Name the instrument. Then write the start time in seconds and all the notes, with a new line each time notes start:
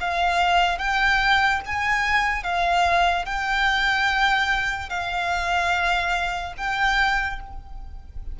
violin
0.00 F5
0.78 G5
1.65 G#5
2.43 F5
3.25 G5
4.89 F5
6.57 G5